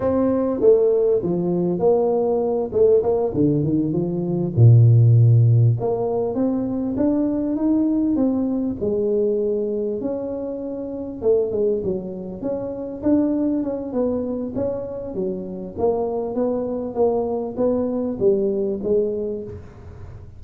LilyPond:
\new Staff \with { instrumentName = "tuba" } { \time 4/4 \tempo 4 = 99 c'4 a4 f4 ais4~ | ais8 a8 ais8 d8 dis8 f4 ais,8~ | ais,4. ais4 c'4 d'8~ | d'8 dis'4 c'4 gis4.~ |
gis8 cis'2 a8 gis8 fis8~ | fis8 cis'4 d'4 cis'8 b4 | cis'4 fis4 ais4 b4 | ais4 b4 g4 gis4 | }